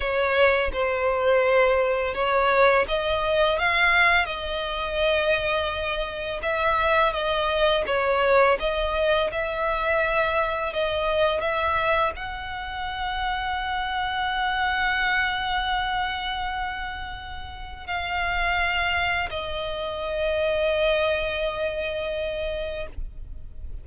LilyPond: \new Staff \with { instrumentName = "violin" } { \time 4/4 \tempo 4 = 84 cis''4 c''2 cis''4 | dis''4 f''4 dis''2~ | dis''4 e''4 dis''4 cis''4 | dis''4 e''2 dis''4 |
e''4 fis''2.~ | fis''1~ | fis''4 f''2 dis''4~ | dis''1 | }